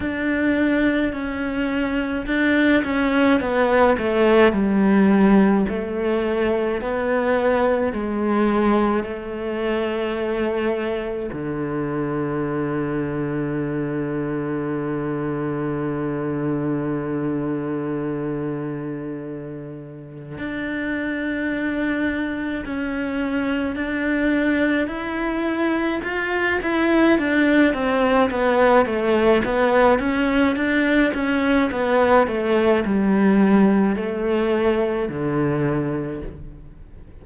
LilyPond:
\new Staff \with { instrumentName = "cello" } { \time 4/4 \tempo 4 = 53 d'4 cis'4 d'8 cis'8 b8 a8 | g4 a4 b4 gis4 | a2 d2~ | d1~ |
d2 d'2 | cis'4 d'4 e'4 f'8 e'8 | d'8 c'8 b8 a8 b8 cis'8 d'8 cis'8 | b8 a8 g4 a4 d4 | }